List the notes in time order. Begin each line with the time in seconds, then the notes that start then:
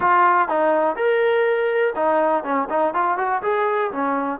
0.00 F4
0.48 D#4
0.96 A#4
1.95 D#4
2.43 C#4
2.69 D#4
2.94 F4
3.17 F#4
3.42 G#4
3.91 C#4